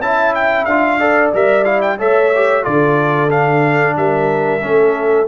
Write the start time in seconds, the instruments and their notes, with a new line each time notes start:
0.00 tuba C#4, trombone E4, horn E5, trumpet A5
0.34 trumpet G5
0.65 tuba D4, trombone F4, trumpet F5
0.99 trombone A4, horn D5
1.33 tuba G3, trombone A#4, trumpet E5
1.64 trombone E4, trumpet F5
1.81 trumpet G5
1.98 tuba A3, trombone A4, horn C#5, trumpet E5
2.35 trombone G4
2.63 tuba D3, trombone F4, horn A4, trumpet D5
3.30 trombone D4, trumpet F5
3.96 tuba G3, horn A#4, trumpet E5
4.61 tuba A3, trombone C#4, horn A4